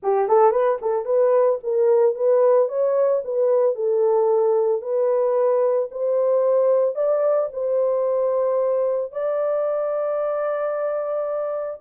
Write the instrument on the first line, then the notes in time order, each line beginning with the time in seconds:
horn
0.02 G4
0.28 A4
0.51 B4
0.81 A4
1.05 B4
1.63 A#4
2.15 B4
2.68 C#5
3.24 B4
3.75 A4
4.81 B4
5.91 C5
6.95 D5
7.53 C5
9.12 D5